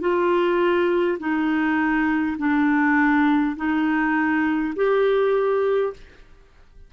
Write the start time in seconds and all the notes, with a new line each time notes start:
0.00 F4
1.19 D#4
2.38 D4
3.56 D#4
4.75 G4